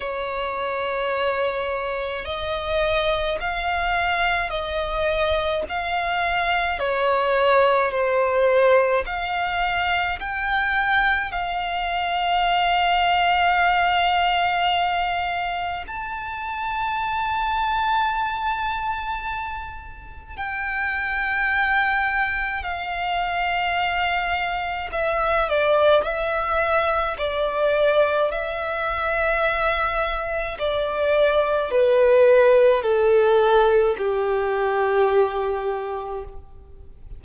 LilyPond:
\new Staff \with { instrumentName = "violin" } { \time 4/4 \tempo 4 = 53 cis''2 dis''4 f''4 | dis''4 f''4 cis''4 c''4 | f''4 g''4 f''2~ | f''2 a''2~ |
a''2 g''2 | f''2 e''8 d''8 e''4 | d''4 e''2 d''4 | b'4 a'4 g'2 | }